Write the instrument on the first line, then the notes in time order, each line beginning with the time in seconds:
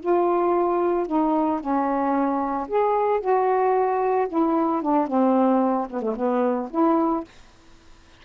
saxophone
0.00 F4
1.07 D#4
1.60 C#4
2.68 G#4
3.21 F#4
4.29 E4
4.82 D4
5.08 C4
5.90 B3
6.02 A3
6.16 B3
6.71 E4